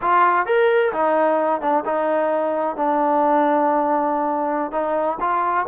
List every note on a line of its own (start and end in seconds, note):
0.01 0.46 F4
0.46 0.92 A#4
0.92 1.61 D#4
1.61 1.84 D4
1.85 2.76 D#4
2.76 4.71 D4
4.71 5.18 D#4
5.20 5.66 F4